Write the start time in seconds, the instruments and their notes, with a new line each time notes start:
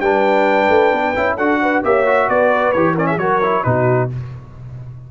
0.00 tuba G3, trombone D4, horn B4, trumpet G5
0.69 tuba A3
0.93 tuba B3
1.15 tuba C#4, trombone E4
1.37 tuba D4, trombone F#4, horn A4, trumpet F#5
1.62 horn B4
1.83 tuba A#3, trombone G4, horn C#5, trumpet E5
2.06 trombone F#4
2.29 tuba B3, horn B4, trumpet D5
2.72 tuba E3, trombone G4, trumpet C#5
2.95 trombone C#4, horn A#4, trumpet D5
3.07 horn G#4, trumpet E5
3.17 tuba F#3, trombone F#4, horn A#4, trumpet C#5
3.43 trombone E4
3.63 tuba B2, trombone D#4, horn F#4, trumpet B4